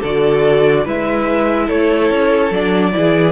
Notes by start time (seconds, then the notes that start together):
0.00 D3 F#4 A4 D5
0.84 G#3 E4 B4 E5
1.66 A3 A4 C#5
2.10 C#4
2.51 F#3 D4 D5
2.93 E3 E4 G#4